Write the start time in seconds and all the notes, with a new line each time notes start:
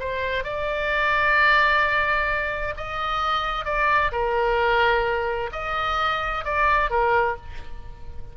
0.00 C5
0.44 D5
2.77 D#5
3.65 D5
4.12 A#4
5.52 D#5
6.45 D5
6.90 A#4